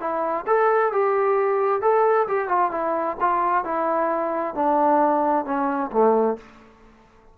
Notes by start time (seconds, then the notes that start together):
0.00 E4
0.47 A4
0.93 G4
1.82 A4
2.28 G4
2.49 F4
2.71 E4
3.20 F4
3.64 E4
4.55 D4
5.45 C#4
5.92 A3